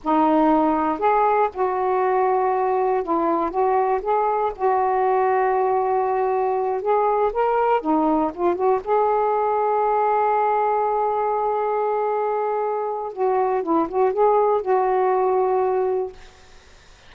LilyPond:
\new Staff \with { instrumentName = "saxophone" } { \time 4/4 \tempo 4 = 119 dis'2 gis'4 fis'4~ | fis'2 e'4 fis'4 | gis'4 fis'2.~ | fis'4. gis'4 ais'4 dis'8~ |
dis'8 f'8 fis'8 gis'2~ gis'8~ | gis'1~ | gis'2 fis'4 e'8 fis'8 | gis'4 fis'2. | }